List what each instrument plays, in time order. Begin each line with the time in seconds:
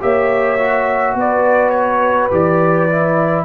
0.00 tuba A#3, trombone G4, horn C#5, trumpet E5
0.58 trombone F#4
1.14 tuba B3, horn B4, trumpet D5
1.70 trumpet C#5
2.31 tuba E3, trombone G4, trumpet D5
2.89 trombone E4